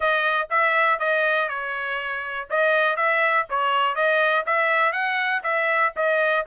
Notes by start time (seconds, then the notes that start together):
0.00 D#5
0.50 E5
0.99 D#5
1.49 C#5
2.50 D#5
2.96 E5
3.49 C#5
3.95 D#5
4.46 E5
4.92 F#5
5.43 E5
5.95 D#5